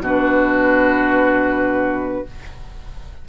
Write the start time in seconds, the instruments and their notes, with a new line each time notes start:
0.00 bassoon B2, clarinet D4, oboe F#4
0.06 flute B4